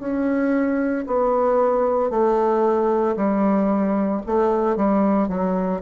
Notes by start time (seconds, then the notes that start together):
0.00 C#4
1.07 B3
2.11 A3
3.17 G3
4.27 A3
4.77 G3
5.29 F#3